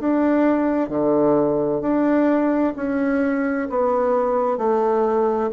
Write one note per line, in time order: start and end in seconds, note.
0.00 0.90 D4
0.90 1.82 D3
1.82 2.74 D4
2.77 3.69 C#4
3.70 4.58 B3
4.58 5.50 A3